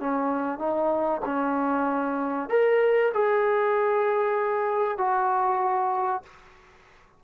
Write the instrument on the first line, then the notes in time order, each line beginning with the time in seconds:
trombone
0.00 C#4
0.59 D#4
1.25 C#4
2.50 A#4
3.14 G#4
4.98 F#4